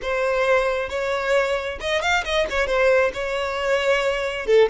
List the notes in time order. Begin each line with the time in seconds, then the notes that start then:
0.02 C5
0.89 C#5
1.80 D#5
2.01 F5
2.24 D#5
2.50 C#5
2.66 C5
3.13 C#5
4.46 A4